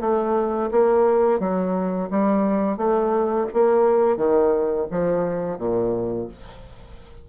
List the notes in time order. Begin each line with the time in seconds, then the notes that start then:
0.00 A3
0.71 A#3
1.39 F#3
2.10 G3
2.77 A3
3.53 A#3
4.16 D#3
4.91 F3
5.58 A#2